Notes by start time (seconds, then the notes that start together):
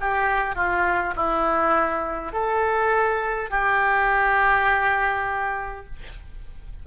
0.00 G4
0.55 F4
1.16 E4
2.33 A4
3.50 G4